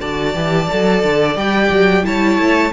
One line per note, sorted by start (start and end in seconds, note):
0.00 0.34 D3
0.00 0.33 F#4
0.00 2.05 D5
0.00 1.37 A5
0.33 0.68 E3
0.33 0.67 G4
0.70 1.03 F#3
0.70 1.35 A4
1.03 1.36 D3
1.35 1.70 G3
1.35 2.03 G4
1.35 2.05 G5
1.70 2.04 F#3
2.03 2.38 G3
2.03 2.71 E4
2.03 2.72 C#5
2.03 2.72 A5
2.38 2.72 A3